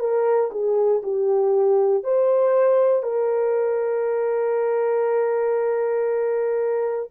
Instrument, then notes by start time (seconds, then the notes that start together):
horn
0.00 A#4
0.52 G#4
1.03 G4
2.04 C5
3.03 A#4